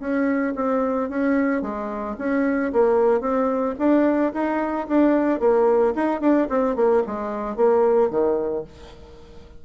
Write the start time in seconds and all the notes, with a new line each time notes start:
0.00 C#4
0.56 C4
1.10 C#4
1.62 G#3
2.18 C#4
2.73 A#3
3.21 C4
3.79 D4
4.33 D#4
4.88 D4
5.40 A#3
5.95 D#4
6.21 D4
6.50 C4
6.76 A#3
7.07 G#3
7.57 A#3
8.11 D#3